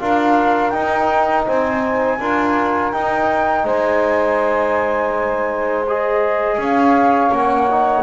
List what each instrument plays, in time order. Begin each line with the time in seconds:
0.00 double bass D4, trombone F4, saxophone A#4, flute F5
0.70 trombone D#4, double bass D#4, flute G5
1.47 double bass C4, saxophone C5, flute G#5
2.19 double bass D4, trombone F4, saxophone A#4
2.93 double bass D#4, trombone D#4, flute G5
3.64 double bass G#3, saxophone C5, flute G#5
5.88 trombone G#4, flute D#5
6.58 double bass C#4, saxophone C#5, flute F5
7.32 double bass A#3, trombone C#4, flute F#5
7.71 trombone D#4